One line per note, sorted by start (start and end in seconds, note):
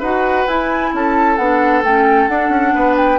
0.00 0.47 D#4
0.00 0.48 F#4
0.00 0.90 B4
0.00 0.48 F#5
0.47 0.92 E4
0.47 1.38 E4
0.47 0.93 G#5
0.93 1.38 C#4
0.93 2.75 A4
0.93 1.37 A5
1.37 1.83 B3
1.37 1.85 D4
1.37 1.82 F#5
1.83 2.28 A3
1.83 2.30 C#4
1.83 2.28 G5
2.28 2.50 D4
2.28 3.20 D4
2.28 2.96 F#5
2.50 2.72 C#4
2.75 3.20 B3
2.75 3.20 B4
2.97 3.20 G5